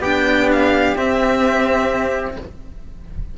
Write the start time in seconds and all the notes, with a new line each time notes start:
0.00 B3 D4 G4 G5
0.52 F5
0.96 C4 E5